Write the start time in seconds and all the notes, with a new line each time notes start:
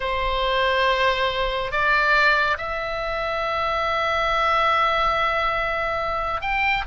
0.00 C5
1.71 D5
2.57 E5
6.41 G5